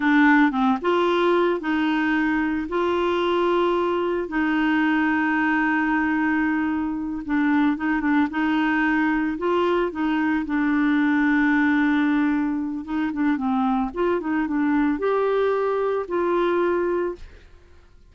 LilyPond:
\new Staff \with { instrumentName = "clarinet" } { \time 4/4 \tempo 4 = 112 d'4 c'8 f'4. dis'4~ | dis'4 f'2. | dis'1~ | dis'4. d'4 dis'8 d'8 dis'8~ |
dis'4. f'4 dis'4 d'8~ | d'1 | dis'8 d'8 c'4 f'8 dis'8 d'4 | g'2 f'2 | }